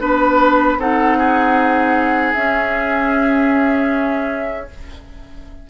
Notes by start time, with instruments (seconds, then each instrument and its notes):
0.00 bassoon B3, clarinet D4, oboe B4, flute B5
0.77 bassoon C4, clarinet D#4, oboe A4, flute F#5
1.18 oboe G#4
2.33 clarinet C#4, bassoon C#4, flute E5